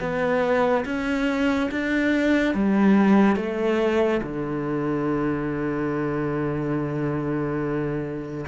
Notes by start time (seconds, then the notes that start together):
0.00 B3
0.85 C#4
1.71 D4
2.54 G3
3.36 A3
4.23 D3